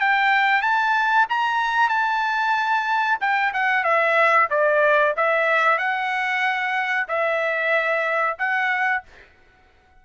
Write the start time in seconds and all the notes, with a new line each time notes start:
0.00 G5
0.62 A5
1.29 A#5
1.89 A5
3.20 G5
3.53 F#5
3.84 E5
4.50 D5
5.16 E5
5.78 F#5
7.08 E5
8.38 F#5